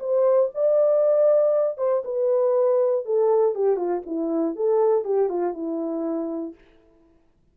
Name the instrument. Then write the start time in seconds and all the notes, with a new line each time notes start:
horn
0.00 C5
0.55 D5
1.78 C5
2.05 B4
3.06 A4
3.55 G4
3.77 F4
4.07 E4
4.56 A4
5.05 G4
5.29 F4
5.54 E4